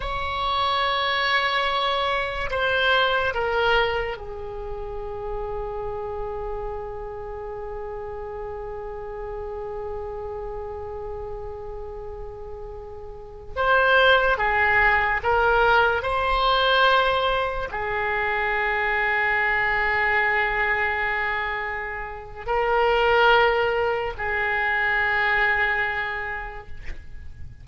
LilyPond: \new Staff \with { instrumentName = "oboe" } { \time 4/4 \tempo 4 = 72 cis''2. c''4 | ais'4 gis'2.~ | gis'1~ | gis'1~ |
gis'16 c''4 gis'4 ais'4 c''8.~ | c''4~ c''16 gis'2~ gis'8.~ | gis'2. ais'4~ | ais'4 gis'2. | }